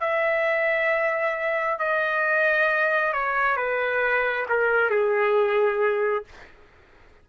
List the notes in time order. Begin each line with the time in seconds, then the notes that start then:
0.00 E5
1.79 D#5
3.13 C#5
3.56 B4
4.49 A#4
4.90 G#4